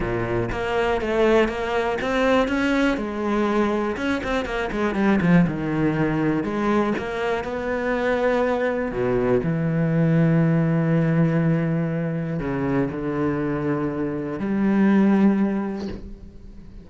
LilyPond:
\new Staff \with { instrumentName = "cello" } { \time 4/4 \tempo 4 = 121 ais,4 ais4 a4 ais4 | c'4 cis'4 gis2 | cis'8 c'8 ais8 gis8 g8 f8 dis4~ | dis4 gis4 ais4 b4~ |
b2 b,4 e4~ | e1~ | e4 cis4 d2~ | d4 g2. | }